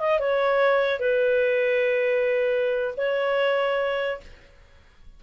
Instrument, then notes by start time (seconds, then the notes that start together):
clarinet
0.00 D#5
0.19 C#5
1.00 B4
2.97 C#5